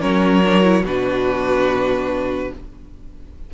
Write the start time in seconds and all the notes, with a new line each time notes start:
0.00 F#3 C#4 A#4 C#5
0.44 D4
0.63 E4
0.84 B2 D4 F#4 B4